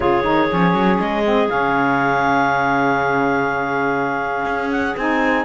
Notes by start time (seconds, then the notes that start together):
0.00 C#3 F4 G#4 C#5
0.23 D#3 D#4
0.48 F3 C#4
0.73 F#3
1.00 G#3 D#5
1.24 C4
1.48 C#3 C#4 F5
4.45 C#4
4.71 F#5
4.96 C4 D#4 G#5